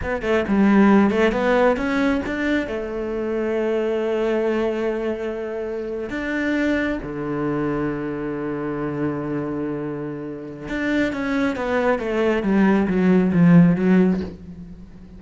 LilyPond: \new Staff \with { instrumentName = "cello" } { \time 4/4 \tempo 4 = 135 b8 a8 g4. a8 b4 | cis'4 d'4 a2~ | a1~ | a4.~ a16 d'2 d16~ |
d1~ | d1 | d'4 cis'4 b4 a4 | g4 fis4 f4 fis4 | }